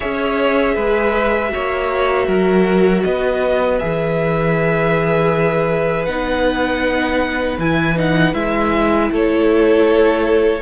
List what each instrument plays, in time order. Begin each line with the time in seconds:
0.00 cello C#4, viola G#4, violin C#5 E5
0.75 cello G#3, violin B4
1.49 viola F#4, violin C#5
1.56 cello A#3
2.26 cello F#3, violin A#4
3.03 cello B3, violin B4 D#5
3.78 cello E3, viola G#4, violin E5
6.05 cello B3, viola D#4, violin F#5
7.58 cello E3, viola E4, violin G#5
7.96 viola D#4, violin F#5
8.33 cello G#3, viola E4, violin E5
9.11 cello A3, violin A4 C#5